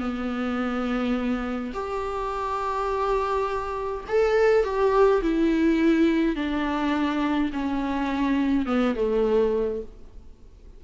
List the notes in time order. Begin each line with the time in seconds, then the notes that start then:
0.00 B3
1.74 G4
4.08 A4
4.64 G4
5.22 E4
6.36 D4
7.53 C#4
8.66 B3
8.96 A3